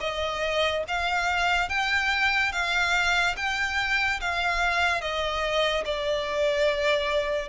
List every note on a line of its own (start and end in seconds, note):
0.00 0.83 D#5
0.87 1.69 F5
1.69 2.52 G5
2.52 3.35 F5
3.37 4.20 G5
4.20 5.01 F5
5.01 5.84 D#5
5.85 7.49 D5